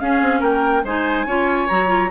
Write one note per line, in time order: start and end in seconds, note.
0.00 0.84 C#4
0.00 0.22 C#4
0.00 0.40 G#4
0.00 0.42 F5
0.22 0.42 C4
0.40 0.84 A#3
0.40 0.82 A#4
0.40 0.85 G5
0.85 1.26 G#3
0.85 1.28 D#4
0.85 1.27 C5
0.85 1.69 G#5
1.26 1.68 C#4
1.26 1.70 F4
1.26 2.11 C#5
1.69 2.11 F#3
1.69 1.88 F#4
1.69 2.11 A#5
1.88 2.09 F4